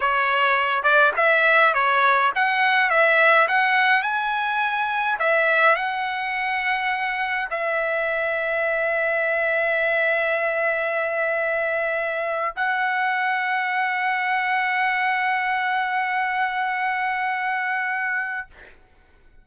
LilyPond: \new Staff \with { instrumentName = "trumpet" } { \time 4/4 \tempo 4 = 104 cis''4. d''8 e''4 cis''4 | fis''4 e''4 fis''4 gis''4~ | gis''4 e''4 fis''2~ | fis''4 e''2.~ |
e''1~ | e''4.~ e''16 fis''2~ fis''16~ | fis''1~ | fis''1 | }